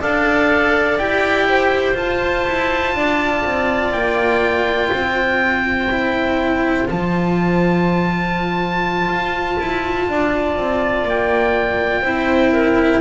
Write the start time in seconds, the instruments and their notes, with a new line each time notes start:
0.00 double bass D4, cello A4, clarinet D5, oboe F5
0.98 double bass E4, cello G4, oboe G5
1.49 clarinet C5
1.94 cello F4, double bass F4, oboe A5
2.47 double bass E4
2.95 double bass D4, clarinet D5
3.45 double bass C4
3.93 double bass A#3, oboe G5
4.89 double bass C4, clarinet C5
5.91 cello E4
6.87 double bass F3, cello F4, oboe A5
9.08 double bass F4
9.59 double bass E4
10.08 double bass D4, clarinet D5
10.57 double bass C4
11.04 double bass A#3, oboe G5
12.02 double bass C4, cello E4, clarinet C5
12.52 clarinet A#4